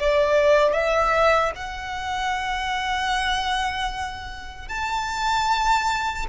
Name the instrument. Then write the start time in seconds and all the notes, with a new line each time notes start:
violin
0.00 D5
0.73 E5
1.55 F#5
4.68 A5